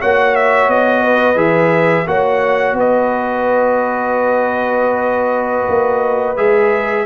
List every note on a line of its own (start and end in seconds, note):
0.00 0.68 A#3
0.00 1.35 F#4
0.00 1.02 C#5
0.00 0.35 F#5
0.35 0.69 E5
0.68 1.35 B3
0.68 1.38 D#5
1.02 2.06 B4
1.35 2.04 E3
1.35 2.04 G#4
1.35 2.07 E5
2.06 2.73 A#3
2.06 6.36 F#4
2.06 2.76 C#5
2.06 2.76 F#5
2.73 5.66 B3
2.73 7.05 B4
2.73 6.36 D#5
5.68 6.37 A#3
6.36 7.05 G#3
6.36 7.05 G#4
6.36 7.05 E5